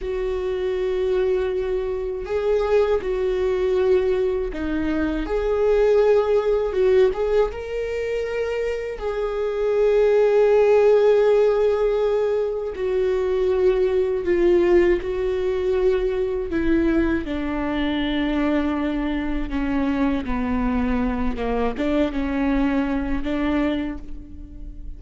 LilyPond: \new Staff \with { instrumentName = "viola" } { \time 4/4 \tempo 4 = 80 fis'2. gis'4 | fis'2 dis'4 gis'4~ | gis'4 fis'8 gis'8 ais'2 | gis'1~ |
gis'4 fis'2 f'4 | fis'2 e'4 d'4~ | d'2 cis'4 b4~ | b8 ais8 d'8 cis'4. d'4 | }